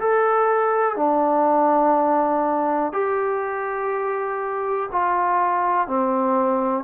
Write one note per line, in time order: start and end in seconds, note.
0.00 0.96 A4
0.96 2.92 D4
2.92 4.89 G4
4.92 5.87 F4
5.87 6.84 C4